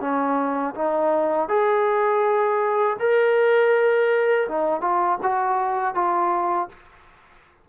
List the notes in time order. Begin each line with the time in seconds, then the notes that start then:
0.00 C#4
0.75 D#4
1.48 G#4
2.99 A#4
4.48 D#4
4.81 F4
5.23 F#4
5.94 F4